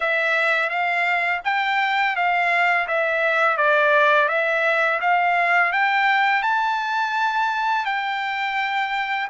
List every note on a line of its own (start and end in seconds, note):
0.00 0.69 E5
0.69 1.41 F5
1.44 2.16 G5
2.16 2.87 F5
2.87 3.57 E5
3.57 4.28 D5
4.28 5.00 E5
5.01 5.72 F5
5.72 6.42 G5
6.42 7.85 A5
7.85 9.28 G5